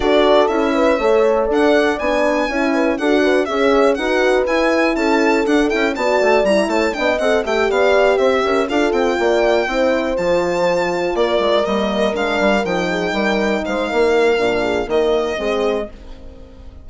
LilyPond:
<<
  \new Staff \with { instrumentName = "violin" } { \time 4/4 \tempo 4 = 121 d''4 e''2 fis''4 | gis''2 fis''4 e''4 | fis''4 gis''4 a''4 fis''8 g''8 | a''4 ais''8 a''8 g''8 fis''8 g''8 f''8~ |
f''8 e''4 f''8 g''2~ | g''8 a''2 d''4 dis''8~ | dis''8 f''4 g''2 f''8~ | f''2 dis''2 | }
  \new Staff \with { instrumentName = "horn" } { \time 4/4 a'4. b'8 cis''4 d''4~ | d''4 cis''8 b'8 a'8 b'8 cis''4 | b'2 a'2 | d''4. cis''8 dis''4 e''8 d''8~ |
d''8 c''8 ais'8 a'4 d''4 c''8~ | c''2~ c''8 ais'4.~ | ais'2 gis'8 ais'4 c''8 | ais'4. gis'8 ais'4 gis'4 | }
  \new Staff \with { instrumentName = "horn" } { \time 4/4 fis'4 e'4 a'2 | d'4 e'4 fis'4 gis'4 | fis'4 e'2 d'8 e'8 | fis'4 e'4 d'8 a'8 g'4~ |
g'4. f'2 e'8~ | e'8 f'2. ais8~ | ais8 d'4 dis'2~ dis'8~ | dis'4 d'4 ais4 c'4 | }
  \new Staff \with { instrumentName = "bassoon" } { \time 4/4 d'4 cis'4 a4 d'4 | b4 cis'4 d'4 cis'4 | dis'4 e'4 cis'4 d'8 cis'8 | b8 a8 g8 a8 b8 c'8 a8 b8~ |
b8 c'8 cis'8 d'8 c'8 ais4 c'8~ | c'8 f2 ais8 gis8 g8~ | g8 gis8 g8 f4 g4 gis8 | ais4 ais,4 dis4 gis4 | }
>>